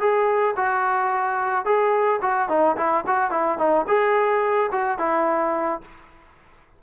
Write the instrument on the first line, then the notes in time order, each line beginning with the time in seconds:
trombone
0.00 G#4
0.56 F#4
1.65 G#4
2.22 F#4
2.49 D#4
2.77 E4
3.07 F#4
3.31 E4
3.58 D#4
3.88 G#4
4.72 F#4
4.99 E4